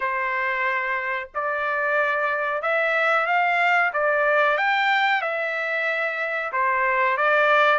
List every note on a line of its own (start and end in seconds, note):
0.00 1.29 C5
1.34 2.62 D5
2.62 3.26 E5
3.26 3.91 F5
3.93 4.57 D5
4.57 5.21 G5
5.21 6.52 E5
6.52 7.17 C5
7.17 7.78 D5